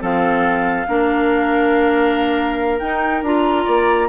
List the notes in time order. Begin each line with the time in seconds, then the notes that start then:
0.00 F3 C4 A4 F5
0.87 A#3 D4 A#4
2.79 D#4 G5
3.22 D4 F4 A#5
3.64 A#3 D5